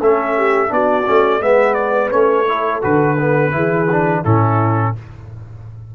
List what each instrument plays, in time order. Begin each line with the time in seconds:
0.00 tuba A3, trombone C#4, horn A4, trumpet E5
0.36 horn G4
0.67 tuba B3, trombone D4, horn F#4, trumpet D5
1.05 tuba A3, trombone C#4
1.40 tuba G#3, trombone B3, horn B4, trumpet E5
1.74 trumpet D5
2.10 tuba A3, trombone C#4, trumpet C#5
2.48 trombone E4, horn A4
2.81 tuba D3, trombone F#4, trumpet B4
3.19 trombone B3
3.51 tuba E3, trombone E4, horn G#4
3.91 trombone D4
4.23 tuba A2, trombone C#4, horn E4, trumpet A4